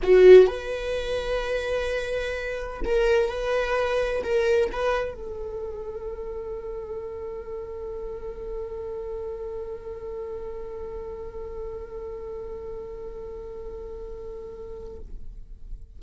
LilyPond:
\new Staff \with { instrumentName = "viola" } { \time 4/4 \tempo 4 = 128 fis'4 b'2.~ | b'2 ais'4 b'4~ | b'4 ais'4 b'4 a'4~ | a'1~ |
a'1~ | a'1~ | a'1~ | a'1 | }